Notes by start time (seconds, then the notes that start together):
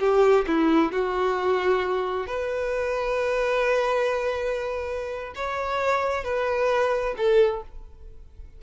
0.00 G4
0.47 E4
0.92 F#4
2.27 B4
5.36 C#5
6.24 B4
7.17 A4